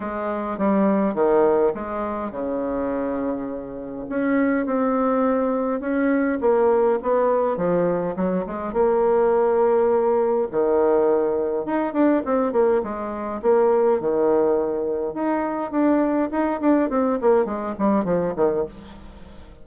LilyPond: \new Staff \with { instrumentName = "bassoon" } { \time 4/4 \tempo 4 = 103 gis4 g4 dis4 gis4 | cis2. cis'4 | c'2 cis'4 ais4 | b4 f4 fis8 gis8 ais4~ |
ais2 dis2 | dis'8 d'8 c'8 ais8 gis4 ais4 | dis2 dis'4 d'4 | dis'8 d'8 c'8 ais8 gis8 g8 f8 dis8 | }